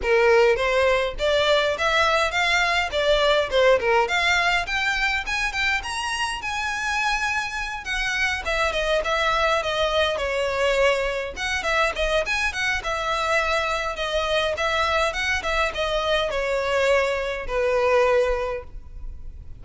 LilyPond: \new Staff \with { instrumentName = "violin" } { \time 4/4 \tempo 4 = 103 ais'4 c''4 d''4 e''4 | f''4 d''4 c''8 ais'8 f''4 | g''4 gis''8 g''8 ais''4 gis''4~ | gis''4. fis''4 e''8 dis''8 e''8~ |
e''8 dis''4 cis''2 fis''8 | e''8 dis''8 gis''8 fis''8 e''2 | dis''4 e''4 fis''8 e''8 dis''4 | cis''2 b'2 | }